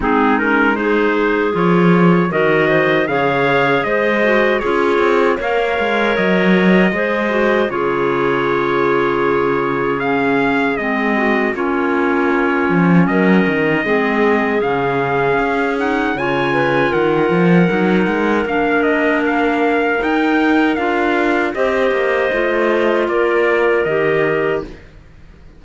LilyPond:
<<
  \new Staff \with { instrumentName = "trumpet" } { \time 4/4 \tempo 4 = 78 gis'8 ais'8 c''4 cis''4 dis''4 | f''4 dis''4 cis''4 f''4 | dis''2 cis''2~ | cis''4 f''4 dis''4 cis''4~ |
cis''4 dis''2 f''4~ | f''8 fis''8 gis''4 fis''2 | f''8 dis''8 f''4 g''4 f''4 | dis''2 d''4 dis''4 | }
  \new Staff \with { instrumentName = "clarinet" } { \time 4/4 dis'4 gis'2 ais'8 c''8 | cis''4 c''4 gis'4 cis''4~ | cis''4 c''4 gis'2~ | gis'2~ gis'8 fis'8 f'4~ |
f'4 ais'4 gis'2~ | gis'4 cis''8 b'8 ais'2~ | ais'1 | c''2 ais'2 | }
  \new Staff \with { instrumentName = "clarinet" } { \time 4/4 c'8 cis'8 dis'4 f'4 fis'4 | gis'4. fis'8 f'4 ais'4~ | ais'4 gis'8 fis'8 f'2~ | f'4 cis'4 c'4 cis'4~ |
cis'2 c'4 cis'4~ | cis'8 dis'8 f'2 dis'4 | d'2 dis'4 f'4 | g'4 f'2 g'4 | }
  \new Staff \with { instrumentName = "cello" } { \time 4/4 gis2 f4 dis4 | cis4 gis4 cis'8 c'8 ais8 gis8 | fis4 gis4 cis2~ | cis2 gis4 ais4~ |
ais8 f8 fis8 dis8 gis4 cis4 | cis'4 cis4 dis8 f8 fis8 gis8 | ais2 dis'4 d'4 | c'8 ais8 a4 ais4 dis4 | }
>>